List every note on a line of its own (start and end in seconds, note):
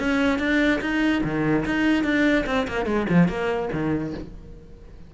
0.00 0.40 C#4
0.40 0.81 D4
0.82 1.23 D#4
1.24 1.65 D#3
1.66 2.05 D#4
2.05 2.46 D4
2.47 2.67 C4
2.68 2.86 A#3
2.86 3.07 G#3
3.10 3.29 F3
3.29 3.70 A#3
3.73 4.14 D#3